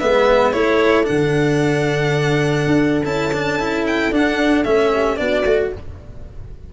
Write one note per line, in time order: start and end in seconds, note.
0.00 0.54 G#3
0.00 0.53 B3
0.00 0.53 B4
0.00 0.53 E5
0.53 1.07 A3
0.53 1.03 E4
0.53 4.92 A4
0.53 1.06 C#5
1.03 3.03 D4
1.03 3.05 F#5
1.10 2.66 D3
2.66 3.04 D4
3.04 4.11 C#4
3.04 3.32 E4
3.04 3.85 A5
3.34 3.59 D4
3.59 4.12 E4
3.87 4.14 G5
4.11 4.64 D4
4.11 4.65 D4
4.11 4.64 F#5
4.64 5.19 A3
4.64 5.17 C#4
4.64 5.17 E5
4.92 5.19 G4
5.17 5.45 B3
5.17 5.43 D4
5.17 5.74 F#4
5.17 5.70 D5
5.45 5.71 A3
5.45 5.73 F#4